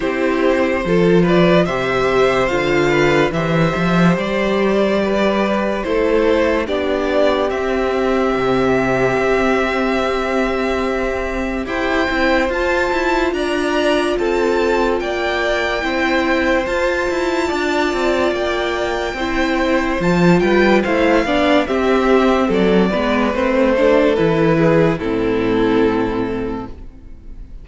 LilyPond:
<<
  \new Staff \with { instrumentName = "violin" } { \time 4/4 \tempo 4 = 72 c''4. d''8 e''4 f''4 | e''4 d''2 c''4 | d''4 e''2.~ | e''2 g''4 a''4 |
ais''4 a''4 g''2 | a''2 g''2 | a''8 g''8 f''4 e''4 d''4 | c''4 b'4 a'2 | }
  \new Staff \with { instrumentName = "violin" } { \time 4/4 g'4 a'8 b'8 c''4. b'8 | c''2 b'4 a'4 | g'1~ | g'2 c''2 |
d''4 a'4 d''4 c''4~ | c''4 d''2 c''4~ | c''8 b'8 c''8 d''8 g'4 a'8 b'8~ | b'8 a'4 gis'8 e'2 | }
  \new Staff \with { instrumentName = "viola" } { \time 4/4 e'4 f'4 g'4 f'4 | g'2. e'4 | d'4 c'2.~ | c'2 g'8 e'8 f'4~ |
f'2. e'4 | f'2. e'4 | f'4 e'8 d'8 c'4. b8 | c'8 d'8 e'4 c'2 | }
  \new Staff \with { instrumentName = "cello" } { \time 4/4 c'4 f4 c4 d4 | e8 f8 g2 a4 | b4 c'4 c4 c'4~ | c'2 e'8 c'8 f'8 e'8 |
d'4 c'4 ais4 c'4 | f'8 e'8 d'8 c'8 ais4 c'4 | f8 g8 a8 b8 c'4 fis8 gis8 | a4 e4 a,2 | }
>>